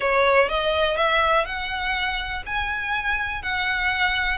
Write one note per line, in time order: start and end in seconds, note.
0.00 0.48 C#5
0.48 0.96 D#5
0.96 1.45 E5
1.45 2.43 F#5
2.46 3.42 G#5
3.42 4.37 F#5